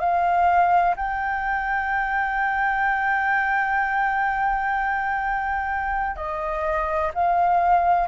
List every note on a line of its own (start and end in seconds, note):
0.00 0.95 F5
0.96 6.16 G5
6.16 7.11 D#5
7.14 8.08 F5